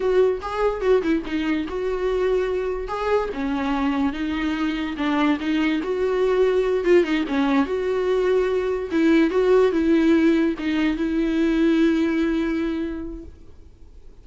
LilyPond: \new Staff \with { instrumentName = "viola" } { \time 4/4 \tempo 4 = 145 fis'4 gis'4 fis'8 e'8 dis'4 | fis'2. gis'4 | cis'2 dis'2 | d'4 dis'4 fis'2~ |
fis'8 f'8 dis'8 cis'4 fis'4.~ | fis'4. e'4 fis'4 e'8~ | e'4. dis'4 e'4.~ | e'1 | }